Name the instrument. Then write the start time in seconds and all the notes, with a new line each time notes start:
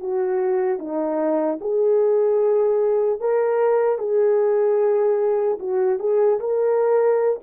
horn
0.00 F#4
0.79 D#4
1.61 G#4
3.20 A#4
3.98 G#4
5.59 F#4
5.99 G#4
6.39 A#4